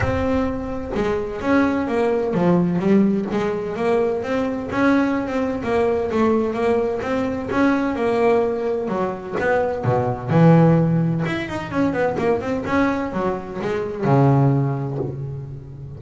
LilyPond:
\new Staff \with { instrumentName = "double bass" } { \time 4/4 \tempo 4 = 128 c'2 gis4 cis'4 | ais4 f4 g4 gis4 | ais4 c'4 cis'4~ cis'16 c'8. | ais4 a4 ais4 c'4 |
cis'4 ais2 fis4 | b4 b,4 e2 | e'8 dis'8 cis'8 b8 ais8 c'8 cis'4 | fis4 gis4 cis2 | }